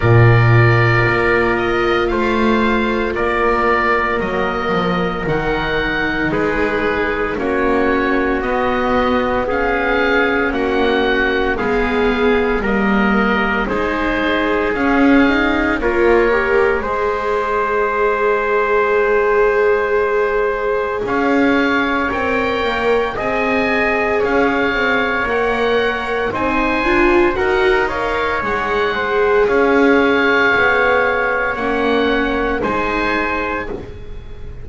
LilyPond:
<<
  \new Staff \with { instrumentName = "oboe" } { \time 4/4 \tempo 4 = 57 d''4. dis''8 f''4 d''4 | dis''4 fis''4 b'4 cis''4 | dis''4 f''4 fis''4 f''4 | dis''4 c''4 f''4 cis''4 |
dis''1 | f''4 g''4 gis''4 f''4 | fis''4 gis''4 fis''8 f''8 fis''4 | f''2 fis''4 gis''4 | }
  \new Staff \with { instrumentName = "trumpet" } { \time 4/4 ais'2 c''4 ais'4~ | ais'2 gis'4 fis'4~ | fis'4 gis'4 fis'4 gis'4 | ais'4 gis'2 ais'4 |
c''1 | cis''2 dis''4 cis''4~ | cis''4 c''4 ais'8 cis''4 c''8 | cis''2. c''4 | }
  \new Staff \with { instrumentName = "viola" } { \time 4/4 f'1 | ais4 dis'2 cis'4 | b4 cis'2 b4 | ais4 dis'4 cis'8 dis'8 f'8 g'8 |
gis'1~ | gis'4 ais'4 gis'2 | ais'4 dis'8 f'8 fis'8 ais'8 gis'4~ | gis'2 cis'4 dis'4 | }
  \new Staff \with { instrumentName = "double bass" } { \time 4/4 ais,4 ais4 a4 ais4 | fis8 f8 dis4 gis4 ais4 | b2 ais4 gis4 | g4 gis4 cis'4 ais4 |
gis1 | cis'4 c'8 ais8 c'4 cis'8 c'8 | ais4 c'8 d'8 dis'4 gis4 | cis'4 b4 ais4 gis4 | }
>>